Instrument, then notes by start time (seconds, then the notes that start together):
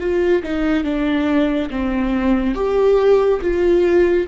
viola
0.00 F4
0.43 D#4
0.84 D4
1.70 C4
2.55 G4
3.42 F4